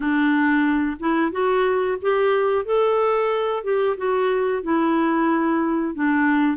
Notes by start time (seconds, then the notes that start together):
0.00 D4
0.99 E4
1.31 F#4
2.01 G4
2.65 A4
3.63 G4
3.97 F#4
4.62 E4
5.94 D4